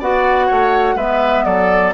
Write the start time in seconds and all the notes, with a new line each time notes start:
0.00 B3 F#4 D5 F#5
0.47 A3 C#5
0.95 G#3 B3 B4 E5
1.45 F#3 A4 D5